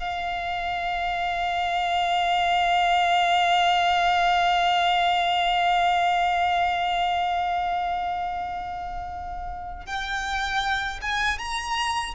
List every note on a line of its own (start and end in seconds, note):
0.00 9.86 F5
9.86 11.00 G5
11.02 11.39 G#5
11.39 12.15 A#5